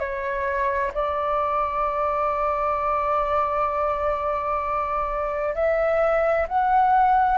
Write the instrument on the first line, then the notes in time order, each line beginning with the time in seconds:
flute
0.00 C#5
0.94 D5
5.55 E5
6.48 F#5